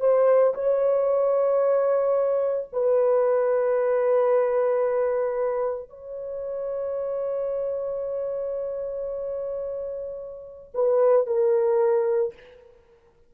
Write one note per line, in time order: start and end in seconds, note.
0.00 0.54 C5
0.54 2.68 C#5
2.73 5.89 B4
5.89 10.71 C#5
10.74 11.27 B4
11.27 12.34 A#4